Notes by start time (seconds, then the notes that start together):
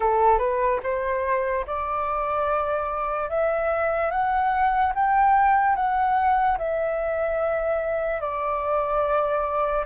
0.00 A4
0.38 B4
0.83 C5
1.66 D5
3.29 E5
4.10 F#5
4.94 G5
5.75 F#5
6.58 E5
8.20 D5